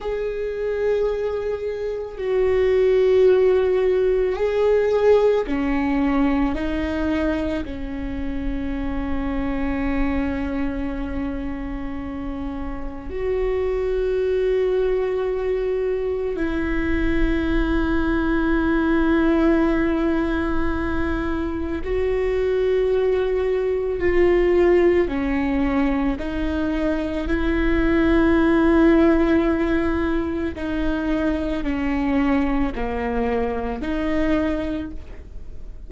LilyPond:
\new Staff \with { instrumentName = "viola" } { \time 4/4 \tempo 4 = 55 gis'2 fis'2 | gis'4 cis'4 dis'4 cis'4~ | cis'1 | fis'2. e'4~ |
e'1 | fis'2 f'4 cis'4 | dis'4 e'2. | dis'4 cis'4 ais4 dis'4 | }